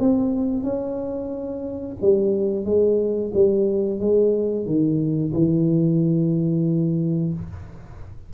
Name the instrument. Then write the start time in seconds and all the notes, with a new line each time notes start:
tuba
0.00 C4
0.64 C#4
2.02 G3
2.65 G#3
3.34 G3
4.00 G#3
4.66 D#3
5.34 E3